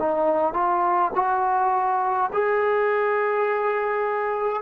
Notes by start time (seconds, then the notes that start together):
0.00 D#4
0.54 F4
1.15 F#4
2.33 G#4